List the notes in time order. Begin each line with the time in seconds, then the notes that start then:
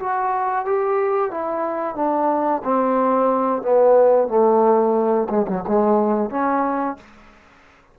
0.00 F#4
0.65 G4
1.31 E4
1.96 D4
2.65 C4
3.62 B3
4.28 A3
5.30 G#3
5.48 F#3
5.68 G#3
6.31 C#4